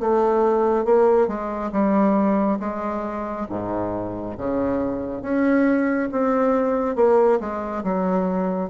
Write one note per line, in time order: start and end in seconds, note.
0.00 0.85 A3
0.85 1.28 A#3
1.28 1.71 G#3
1.72 2.59 G3
2.60 3.47 G#3
3.49 4.36 G#2
4.38 5.22 C#3
5.22 6.09 C#4
6.12 6.96 C4
6.96 7.39 A#3
7.40 7.83 G#3
7.83 8.70 F#3